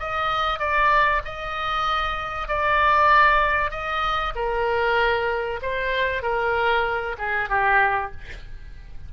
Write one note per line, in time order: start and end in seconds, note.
0.00 0.59 D#5
0.59 1.22 D5
1.25 2.49 D#5
2.49 3.71 D5
3.71 4.34 D#5
4.36 5.61 A#4
5.62 6.23 C5
6.23 7.16 A#4
7.18 7.49 G#4
7.49 8.12 G4